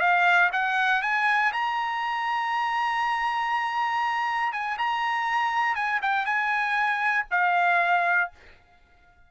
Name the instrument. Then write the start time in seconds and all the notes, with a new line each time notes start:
trumpet
0.00 F5
0.53 F#5
1.02 G#5
1.52 A#5
4.52 G#5
4.78 A#5
5.75 G#5
6.02 G5
6.26 G#5
7.31 F5